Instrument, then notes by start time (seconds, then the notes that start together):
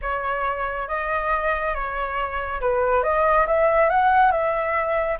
flute
0.01 C#5
0.88 D#5
1.74 C#5
2.60 B4
3.03 D#5
3.46 E5
3.89 F#5
4.31 E5